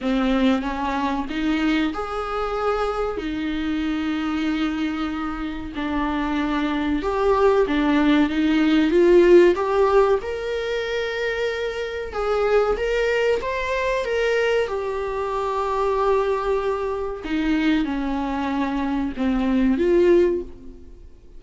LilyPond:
\new Staff \with { instrumentName = "viola" } { \time 4/4 \tempo 4 = 94 c'4 cis'4 dis'4 gis'4~ | gis'4 dis'2.~ | dis'4 d'2 g'4 | d'4 dis'4 f'4 g'4 |
ais'2. gis'4 | ais'4 c''4 ais'4 g'4~ | g'2. dis'4 | cis'2 c'4 f'4 | }